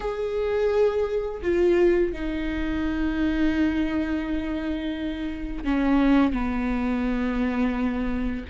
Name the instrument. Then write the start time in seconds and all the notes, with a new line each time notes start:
viola
0.00 G#4
1.41 F4
2.12 D#4
5.64 C#4
6.32 B3